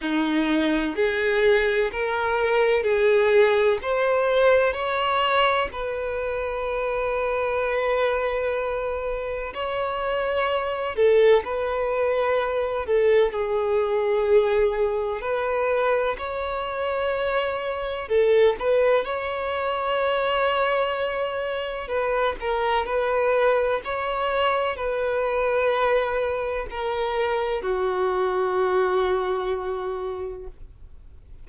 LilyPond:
\new Staff \with { instrumentName = "violin" } { \time 4/4 \tempo 4 = 63 dis'4 gis'4 ais'4 gis'4 | c''4 cis''4 b'2~ | b'2 cis''4. a'8 | b'4. a'8 gis'2 |
b'4 cis''2 a'8 b'8 | cis''2. b'8 ais'8 | b'4 cis''4 b'2 | ais'4 fis'2. | }